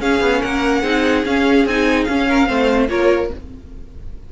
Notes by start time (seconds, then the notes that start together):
0.00 C#4 G#4 F5
0.21 B3
0.42 A#3 A#4 F#5
0.82 C4 D#4 G#4
1.26 C#4 F5
1.66 C4 D#4 G#5
2.04 C#4 F5
2.29 A#4
2.47 A3 C4 C5
2.89 A#3 F4 A#4 C#5